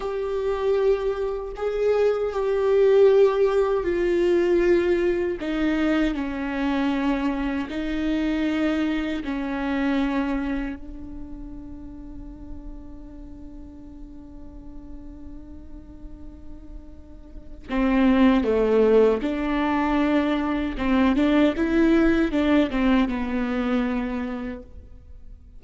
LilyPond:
\new Staff \with { instrumentName = "viola" } { \time 4/4 \tempo 4 = 78 g'2 gis'4 g'4~ | g'4 f'2 dis'4 | cis'2 dis'2 | cis'2 d'2~ |
d'1~ | d'2. c'4 | a4 d'2 c'8 d'8 | e'4 d'8 c'8 b2 | }